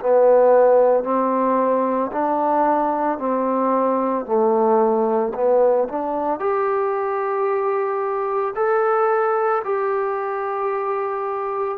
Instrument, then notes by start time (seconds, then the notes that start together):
trombone
0.00 B3
1.04 C4
2.12 D4
3.19 C4
4.26 A3
5.34 B3
5.89 D4
6.39 G4
8.55 A4
9.65 G4